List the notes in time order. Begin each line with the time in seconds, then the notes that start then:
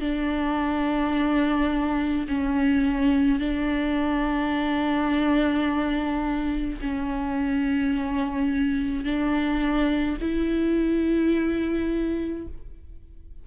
0.00 D4
2.27 C#4
3.39 D4
6.81 C#4
9.04 D4
10.20 E4